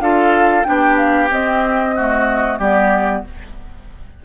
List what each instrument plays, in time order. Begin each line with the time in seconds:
0.00 bassoon D4, clarinet F4, oboe A4, flute F5
0.64 bassoon B3, clarinet D4, oboe G4, flute G5
0.97 flute F5
1.31 bassoon C4, clarinet C4, flute D#5
1.96 clarinet A3, oboe F#4
2.59 bassoon G3, clarinet B3, oboe G4, flute D5